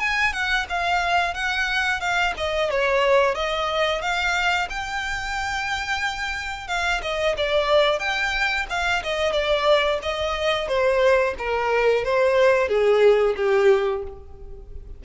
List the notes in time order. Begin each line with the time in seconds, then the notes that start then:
0.00 G#5
0.33 F#5
0.69 F5
1.34 F#5
2.01 F5
2.38 D#5
2.71 C#5
3.35 D#5
4.02 F5
4.70 G5
6.68 F5
7.02 D#5
7.37 D5
8.00 G5
8.70 F5
9.04 D#5
9.33 D5
10.03 D#5
10.68 C5
11.39 A#4
12.05 C5
12.69 G#4
13.37 G4